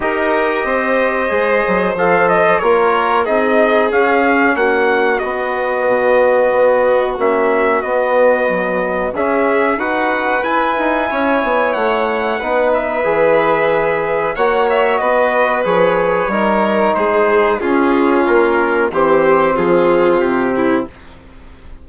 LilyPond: <<
  \new Staff \with { instrumentName = "trumpet" } { \time 4/4 \tempo 4 = 92 dis''2. f''8 dis''8 | cis''4 dis''4 f''4 fis''4 | dis''2. e''4 | dis''2 e''4 fis''4 |
gis''2 fis''4. e''8~ | e''2 fis''8 e''8 dis''4 | cis''2 c''4 gis'4 | ais'4 c''4 gis'4 g'4 | }
  \new Staff \with { instrumentName = "violin" } { \time 4/4 ais'4 c''2. | ais'4 gis'2 fis'4~ | fis'1~ | fis'2 gis'4 b'4~ |
b'4 cis''2 b'4~ | b'2 cis''4 b'4~ | b'4 ais'4 gis'4 f'4~ | f'4 g'4 f'4. e'8 | }
  \new Staff \with { instrumentName = "trombone" } { \time 4/4 g'2 gis'4 a'4 | f'4 dis'4 cis'2 | b2. cis'4 | b4 fis4 cis'4 fis'4 |
e'2. dis'4 | gis'2 fis'2 | gis'4 dis'2 cis'4~ | cis'4 c'2. | }
  \new Staff \with { instrumentName = "bassoon" } { \time 4/4 dis'4 c'4 gis8 fis8 f4 | ais4 c'4 cis'4 ais4 | b4 b,4 b4 ais4 | b2 cis'4 dis'4 |
e'8 dis'8 cis'8 b8 a4 b4 | e2 ais4 b4 | f4 g4 gis4 cis'4 | ais4 e4 f4 c4 | }
>>